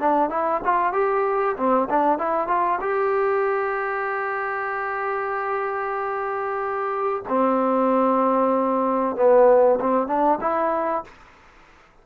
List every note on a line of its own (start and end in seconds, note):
0.00 0.30 D4
0.30 0.61 E4
0.65 0.93 F4
0.93 1.56 G4
1.57 1.89 C4
1.90 2.19 D4
2.19 2.48 E4
2.48 2.80 F4
2.81 7.23 G4
7.29 9.16 C4
9.16 9.80 B3
9.81 10.08 C4
10.08 10.39 D4
10.41 11.04 E4